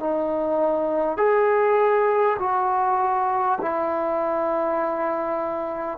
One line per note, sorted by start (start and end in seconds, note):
0.00 1.18 D#4
1.18 2.38 G#4
2.39 3.59 F#4
3.62 5.98 E4